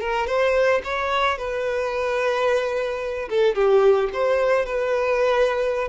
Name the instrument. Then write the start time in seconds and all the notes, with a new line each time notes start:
violin
0.00 A#4
0.27 C5
0.84 C#5
1.38 B4
3.30 A4
3.55 G4
4.13 C5
4.66 B4